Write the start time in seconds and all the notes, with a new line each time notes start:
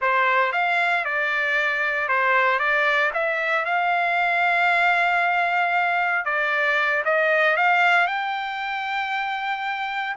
0.01 C5
0.52 F5
1.04 D5
2.08 C5
2.59 D5
3.13 E5
3.65 F5
6.25 D5
7.04 D#5
7.57 F5
8.07 G5